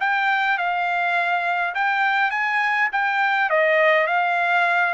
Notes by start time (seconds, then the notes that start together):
0.00 G5
0.58 F5
1.75 G5
2.31 G#5
2.92 G5
3.50 D#5
4.07 F5